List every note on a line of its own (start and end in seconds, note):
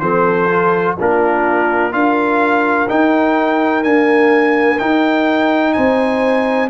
0.00 0.96 F3
0.00 0.49 C4
0.00 0.97 A4
0.00 0.95 C5
0.50 0.98 F4
0.99 1.94 A#3
0.99 1.92 D4
0.99 1.94 F4
0.99 1.93 A#4
1.92 2.89 D4
1.92 2.87 F4
1.92 5.75 A#4
1.92 2.89 F5
2.89 3.84 D#4
2.89 3.85 D#4
2.89 3.84 G5
3.84 4.79 A#3
3.84 4.80 D4
3.84 4.79 G#5
4.79 6.70 D#4
4.79 5.77 D#4
4.79 5.73 G5
5.73 6.70 C4
5.73 6.70 C5
5.73 6.68 G#5